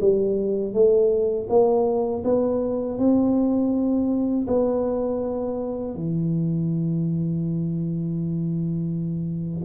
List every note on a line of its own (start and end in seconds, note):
0.00 0.73 G3
0.73 1.47 A3
1.49 2.23 A#3
2.24 2.98 B3
2.98 4.46 C4
4.47 5.95 B3
5.95 9.64 E3